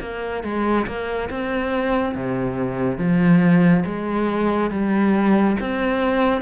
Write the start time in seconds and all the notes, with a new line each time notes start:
0.00 A#3
0.43 G#3
0.86 A#3
1.29 C4
2.15 C3
2.98 F3
3.85 G#3
4.71 G3
5.60 C4